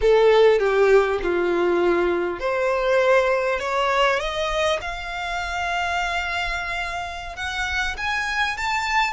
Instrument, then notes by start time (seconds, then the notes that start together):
violin
0.01 A4
0.59 G4
1.22 F4
2.39 C5
3.59 C#5
4.19 D#5
4.81 F5
7.36 F#5
7.97 G#5
8.57 A5